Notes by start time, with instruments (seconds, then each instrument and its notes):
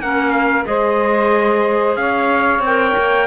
0.00 cello A#3, clarinet C#4, saxophone A#4, trumpet F#5
0.31 trumpet F5
0.65 cello G#3, clarinet G#4, saxophone C5, trumpet D#5
1.96 cello C#4, saxophone C#5, trumpet F5
2.59 cello C4
2.66 clarinet A#4, trumpet G5
2.97 cello A#3